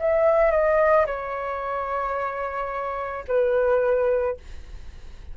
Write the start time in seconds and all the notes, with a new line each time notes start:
0.00 E5
0.51 D#5
1.07 C#5
3.28 B4